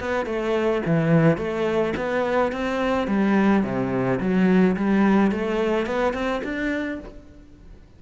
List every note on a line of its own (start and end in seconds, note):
0.00 0.26 B3
0.26 0.82 A3
0.86 1.38 E3
1.38 1.94 A3
1.97 2.53 B3
2.53 3.08 C4
3.08 3.64 G3
3.64 4.20 C3
4.20 4.76 F#3
4.77 5.32 G3
5.32 5.86 A3
5.86 6.14 B3
6.14 6.42 C4
6.44 7.00 D4